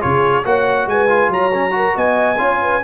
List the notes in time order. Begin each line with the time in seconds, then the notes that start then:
0.00 C#3 F4 G#4 C#5
0.44 A#3 F#4 C#5 F#5
0.86 G#3 B4 G#5
1.08 F4
1.28 F#3 C#5 A#5
1.54 C#4
1.71 F#4 A#4
1.96 B3 D#5 G#5
2.38 C#4 F4 C#5
2.62 B4